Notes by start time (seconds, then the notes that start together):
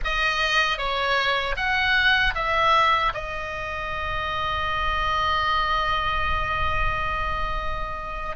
0.04 D#5
0.78 C#5
1.56 F#5
2.34 E5
3.13 D#5